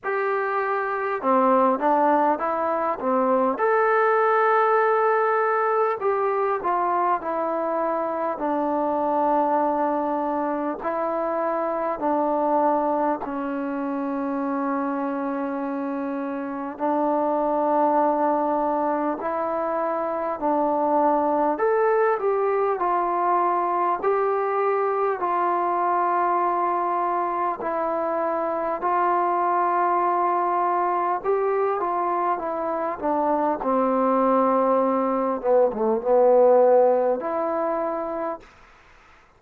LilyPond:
\new Staff \with { instrumentName = "trombone" } { \time 4/4 \tempo 4 = 50 g'4 c'8 d'8 e'8 c'8 a'4~ | a'4 g'8 f'8 e'4 d'4~ | d'4 e'4 d'4 cis'4~ | cis'2 d'2 |
e'4 d'4 a'8 g'8 f'4 | g'4 f'2 e'4 | f'2 g'8 f'8 e'8 d'8 | c'4. b16 a16 b4 e'4 | }